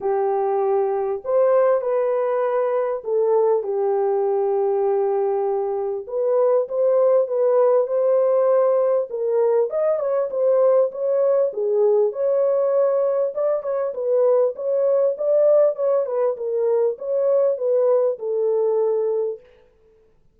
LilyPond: \new Staff \with { instrumentName = "horn" } { \time 4/4 \tempo 4 = 99 g'2 c''4 b'4~ | b'4 a'4 g'2~ | g'2 b'4 c''4 | b'4 c''2 ais'4 |
dis''8 cis''8 c''4 cis''4 gis'4 | cis''2 d''8 cis''8 b'4 | cis''4 d''4 cis''8 b'8 ais'4 | cis''4 b'4 a'2 | }